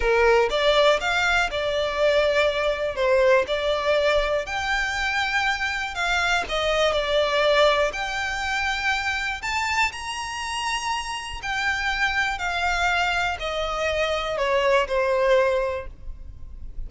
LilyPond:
\new Staff \with { instrumentName = "violin" } { \time 4/4 \tempo 4 = 121 ais'4 d''4 f''4 d''4~ | d''2 c''4 d''4~ | d''4 g''2. | f''4 dis''4 d''2 |
g''2. a''4 | ais''2. g''4~ | g''4 f''2 dis''4~ | dis''4 cis''4 c''2 | }